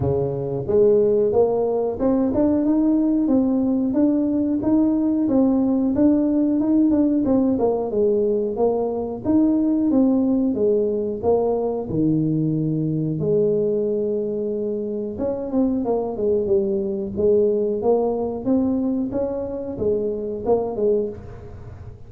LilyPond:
\new Staff \with { instrumentName = "tuba" } { \time 4/4 \tempo 4 = 91 cis4 gis4 ais4 c'8 d'8 | dis'4 c'4 d'4 dis'4 | c'4 d'4 dis'8 d'8 c'8 ais8 | gis4 ais4 dis'4 c'4 |
gis4 ais4 dis2 | gis2. cis'8 c'8 | ais8 gis8 g4 gis4 ais4 | c'4 cis'4 gis4 ais8 gis8 | }